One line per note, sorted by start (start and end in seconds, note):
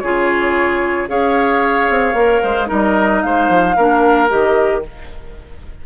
0.00 1.09 C#3
0.00 1.08 F4
0.00 1.10 G#4
0.00 1.07 C#5
1.08 1.89 C#4
1.08 2.15 G#4
1.08 2.43 C#5
1.08 2.70 F5
1.90 2.14 C4
2.14 2.40 A#3
2.14 2.67 A#4
2.43 2.70 G#3
2.43 2.68 C5
2.67 3.24 G3
2.67 3.74 D#4
2.67 3.22 A#4
2.67 3.23 D#5
3.23 3.49 G#3
3.23 3.76 C5
3.23 4.30 F5
3.49 3.76 F3
3.76 4.31 A#3
3.76 4.29 D4
3.76 4.83 A#4
4.29 4.86 D#3
4.29 4.82 G4
4.29 4.84 D#5